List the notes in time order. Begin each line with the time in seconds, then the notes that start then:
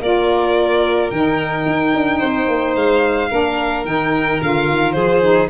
0.00 A#3 F4 A#4 D5
1.10 D#3 D#4 G5
1.66 D#4
1.94 D4
2.19 C4 C5
2.48 A#3
2.75 G#3 F5
3.29 A#3 D4 A#4
3.85 D#3 D#4 G5
4.41 D3 F4 F5
4.69 D#3
4.92 F3 G#4 C5
5.22 D#4